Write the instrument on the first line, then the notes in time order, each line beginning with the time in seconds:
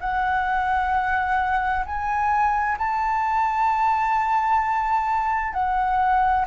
flute
0.00 F#5
1.85 G#5
2.78 A5
5.53 F#5